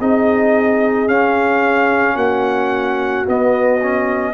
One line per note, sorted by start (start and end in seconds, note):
0.00 1.08 C4
0.00 1.08 D#4
0.00 2.15 G#4
0.00 1.09 D#5
1.08 2.16 C#4
1.08 3.26 C#4
1.08 2.17 F5
2.15 3.25 A#3
2.15 4.33 F#4
2.15 3.26 F#5
3.26 3.81 B3
3.26 4.34 B3
3.26 4.34 D#5
3.83 4.34 C#4